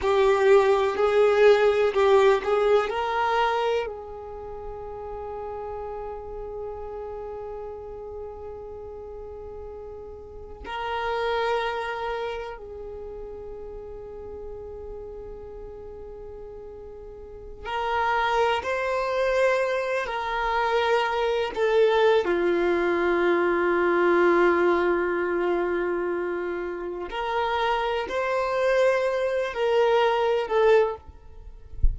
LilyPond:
\new Staff \with { instrumentName = "violin" } { \time 4/4 \tempo 4 = 62 g'4 gis'4 g'8 gis'8 ais'4 | gis'1~ | gis'2. ais'4~ | ais'4 gis'2.~ |
gis'2~ gis'16 ais'4 c''8.~ | c''8. ais'4. a'8. f'4~ | f'1 | ais'4 c''4. ais'4 a'8 | }